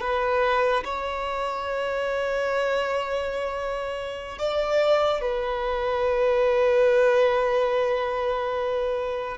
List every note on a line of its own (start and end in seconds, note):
0.00 0.83 B4
0.84 4.38 C#5
4.38 5.21 D5
5.21 9.37 B4